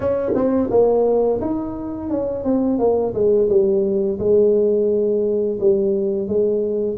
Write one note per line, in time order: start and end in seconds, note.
0.00 0.32 C#4
0.35 0.69 C4
0.70 1.40 A#3
1.41 2.10 D#4
2.10 2.44 C#4
2.44 2.78 C4
2.78 3.13 A#3
3.14 3.49 G#3
3.49 4.19 G3
4.19 5.58 G#3
5.60 6.28 G3
6.28 6.97 G#3